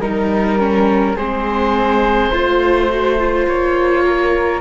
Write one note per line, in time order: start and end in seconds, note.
0.00 1.15 G3
0.00 0.59 D#4
0.00 1.16 A#4
0.00 1.17 A#4
0.59 1.17 C#4
1.16 2.31 G#3
1.16 2.33 C4
1.16 2.31 G#4
1.16 3.47 C5
2.31 3.47 A3
2.31 2.91 F4
2.31 4.04 C5
2.91 3.19 F#4
3.19 4.61 F4
3.48 4.61 A#3
3.48 4.61 C#5
4.05 4.61 A#4